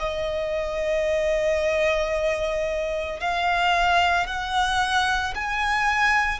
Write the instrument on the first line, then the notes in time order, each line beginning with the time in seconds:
violin
0.00 D#5
3.20 F5
4.27 F#5
5.35 G#5